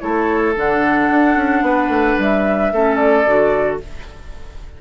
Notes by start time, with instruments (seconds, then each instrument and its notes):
0.00 bassoon A3, clarinet E4, oboe A4, flute C#5
0.57 bassoon D3, clarinet D4, flute F#5
1.10 bassoon D4
1.36 bassoon C#4
1.62 bassoon B3, oboe B4
1.89 bassoon A3
2.19 bassoon G3, flute E5
2.73 bassoon A3, clarinet C#4, oboe A4
2.97 flute D5
3.26 bassoon D3, clarinet F#4